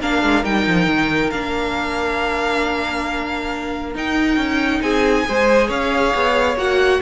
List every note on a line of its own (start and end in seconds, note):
0.00 0.22 A#3
0.00 0.44 D4
0.00 4.82 A#4
0.00 0.45 F5
0.22 0.44 G#3
0.44 0.66 G3
0.44 1.32 D#4
0.44 1.31 G5
0.67 0.87 F3
0.87 1.31 D#3
1.31 3.95 A#3
1.31 3.95 D4
1.31 3.93 F5
3.95 4.37 D#4
3.95 5.25 D#4
3.95 4.82 G5
4.37 4.81 C#4
4.81 5.25 C4
4.81 5.26 G#4
4.81 5.70 G#5
5.25 5.69 G#3
5.25 6.57 G#4
5.25 5.68 C5
5.68 6.13 C#4
5.68 6.99 C#5
5.68 6.58 F5
6.14 6.56 B3
6.56 7.00 A#3
6.56 7.01 F#4
6.56 7.02 F#5